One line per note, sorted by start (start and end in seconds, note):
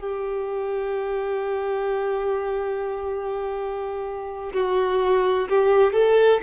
0.00 4.52 G4
4.53 5.48 F#4
5.48 5.93 G4
5.93 6.40 A4